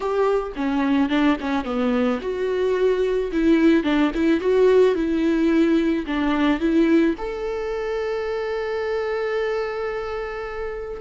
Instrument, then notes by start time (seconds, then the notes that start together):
viola
0.00 G4
0.56 C#4
1.09 D4
1.40 C#4
1.64 B3
2.21 F#4
3.32 E4
3.83 D4
4.14 E4
4.40 F#4
4.95 E4
6.06 D4
6.60 E4
7.18 A4